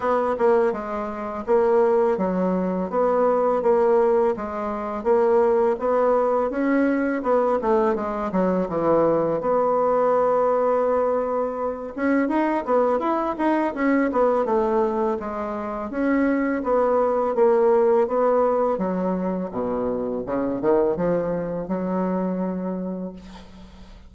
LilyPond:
\new Staff \with { instrumentName = "bassoon" } { \time 4/4 \tempo 4 = 83 b8 ais8 gis4 ais4 fis4 | b4 ais4 gis4 ais4 | b4 cis'4 b8 a8 gis8 fis8 | e4 b2.~ |
b8 cis'8 dis'8 b8 e'8 dis'8 cis'8 b8 | a4 gis4 cis'4 b4 | ais4 b4 fis4 b,4 | cis8 dis8 f4 fis2 | }